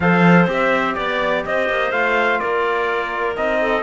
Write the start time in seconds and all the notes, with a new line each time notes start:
0.00 F3 A4 C5 F5
0.47 C4 G4 E5
0.94 B3 D5
1.45 C4 C5 D#5
1.69 A#3
1.91 A3 F4 F5
2.39 A#3 A#4 D5
3.35 C4 D#4 D#5
3.61 A4